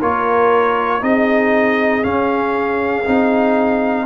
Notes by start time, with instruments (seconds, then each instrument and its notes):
0.00 tuba A#3, trombone F4, horn A#4, trumpet C#5
1.01 tuba C4, trombone D#4, horn G#4, trumpet D#5
2.03 trombone C#4, tuba C#4, trumpet F5
3.06 tuba C4, trombone D#4